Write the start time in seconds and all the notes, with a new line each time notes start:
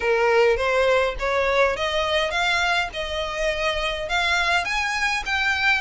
0.00 A#4
0.57 C5
1.19 C#5
1.76 D#5
2.30 F5
2.93 D#5
4.08 F5
4.64 G#5
5.25 G5